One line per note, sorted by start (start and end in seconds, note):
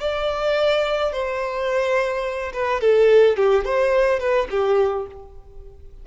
0.00 1.12 D5
1.12 2.52 C5
2.53 2.80 B4
2.80 3.36 A4
3.36 3.64 G4
3.65 4.20 C5
4.20 4.48 B4
4.50 5.06 G4